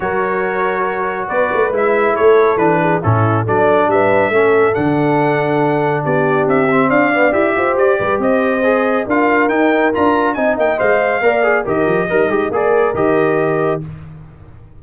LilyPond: <<
  \new Staff \with { instrumentName = "trumpet" } { \time 4/4 \tempo 4 = 139 cis''2. d''4 | e''4 cis''4 b'4 a'4 | d''4 e''2 fis''4~ | fis''2 d''4 e''4 |
f''4 e''4 d''4 dis''4~ | dis''4 f''4 g''4 ais''4 | gis''8 g''8 f''2 dis''4~ | dis''4 d''4 dis''2 | }
  \new Staff \with { instrumentName = "horn" } { \time 4/4 ais'2. b'4~ | b'4 a'4. gis'8 e'4 | a'4 b'4 a'2~ | a'2 g'2 |
d''4. c''4 b'8 c''4~ | c''4 ais'2. | dis''2 d''4 ais'4 | dis'4 ais'2. | }
  \new Staff \with { instrumentName = "trombone" } { \time 4/4 fis'1 | e'2 d'4 cis'4 | d'2 cis'4 d'4~ | d'2.~ d'8 c'8~ |
c'8 b8 g'2. | gis'4 f'4 dis'4 f'4 | dis'4 c''4 ais'8 gis'8 g'4 | ais'8 g'8 gis'4 g'2 | }
  \new Staff \with { instrumentName = "tuba" } { \time 4/4 fis2. b8 a8 | gis4 a4 e4 a,4 | fis4 g4 a4 d4~ | d2 b4 c'4 |
d'4 e'8 f'8 g'8 g8 c'4~ | c'4 d'4 dis'4 d'4 | c'8 ais8 gis4 ais4 dis8 f8 | g8 gis8 ais4 dis2 | }
>>